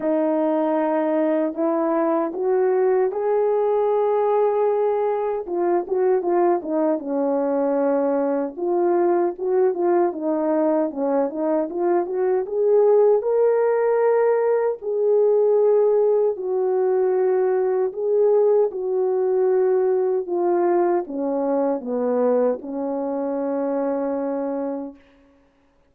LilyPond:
\new Staff \with { instrumentName = "horn" } { \time 4/4 \tempo 4 = 77 dis'2 e'4 fis'4 | gis'2. f'8 fis'8 | f'8 dis'8 cis'2 f'4 | fis'8 f'8 dis'4 cis'8 dis'8 f'8 fis'8 |
gis'4 ais'2 gis'4~ | gis'4 fis'2 gis'4 | fis'2 f'4 cis'4 | b4 cis'2. | }